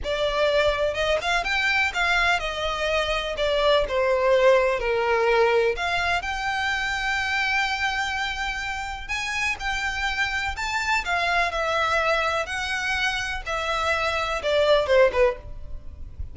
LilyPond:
\new Staff \with { instrumentName = "violin" } { \time 4/4 \tempo 4 = 125 d''2 dis''8 f''8 g''4 | f''4 dis''2 d''4 | c''2 ais'2 | f''4 g''2.~ |
g''2. gis''4 | g''2 a''4 f''4 | e''2 fis''2 | e''2 d''4 c''8 b'8 | }